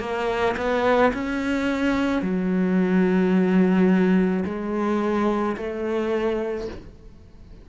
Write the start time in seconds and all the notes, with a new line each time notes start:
0.00 A#3
0.57 B3
1.14 C#4
2.22 F#3
4.45 G#3
5.57 A3